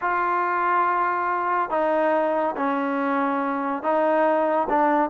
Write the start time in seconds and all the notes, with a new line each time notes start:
0.01 F4
1.70 D#4
2.56 C#4
3.82 D#4
4.69 D4